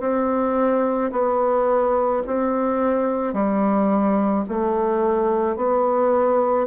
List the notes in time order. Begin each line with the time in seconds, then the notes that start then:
0.00 C4
1.12 B3
2.26 C4
3.34 G3
4.48 A3
5.57 B3